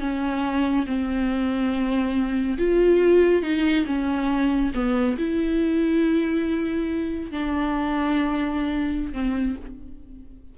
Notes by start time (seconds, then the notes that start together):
0.00 C#4
0.86 C4
2.58 F4
3.42 D#4
3.86 C#4
4.74 B3
5.18 E4
7.31 D4
9.12 C4